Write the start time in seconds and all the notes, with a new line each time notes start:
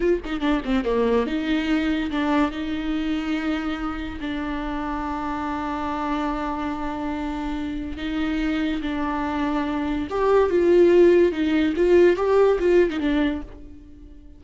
0.00 F4
0.25 D#4
0.40 D4
0.64 C4
0.84 A#3
1.26 D#4
2.10 D4
2.51 D#4
4.20 D4
7.97 D#4
8.81 D4
10.09 G4
10.50 F4
11.32 D#4
11.76 F4
12.16 G4
12.59 F4
12.89 D#4
12.99 D4